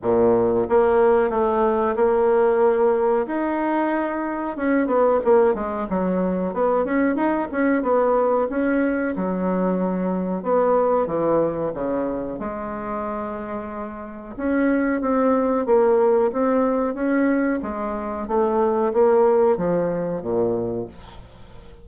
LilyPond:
\new Staff \with { instrumentName = "bassoon" } { \time 4/4 \tempo 4 = 92 ais,4 ais4 a4 ais4~ | ais4 dis'2 cis'8 b8 | ais8 gis8 fis4 b8 cis'8 dis'8 cis'8 | b4 cis'4 fis2 |
b4 e4 cis4 gis4~ | gis2 cis'4 c'4 | ais4 c'4 cis'4 gis4 | a4 ais4 f4 ais,4 | }